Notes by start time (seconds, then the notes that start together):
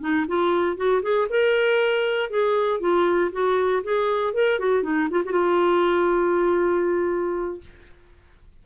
0.00 D#4
0.27 F4
0.76 F#4
1.02 G#4
1.29 A#4
2.30 G#4
2.79 F4
3.31 F#4
3.83 G#4
4.33 A#4
4.59 F#4
4.83 D#4
5.10 F4
5.24 F#4
5.32 F4